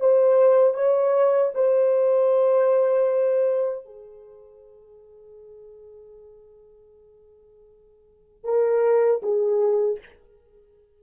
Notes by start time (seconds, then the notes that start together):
0.00 C5
0.74 C#5
1.55 C5
3.85 G#4
8.44 A#4
9.22 G#4